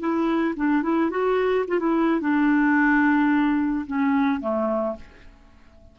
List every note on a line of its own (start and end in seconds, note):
0.00 0.55 E4
0.56 0.83 D4
0.83 1.10 E4
1.10 1.65 F#4
1.68 1.80 F4
1.80 2.21 E4
2.21 3.86 D4
3.87 4.41 C#4
4.41 4.96 A3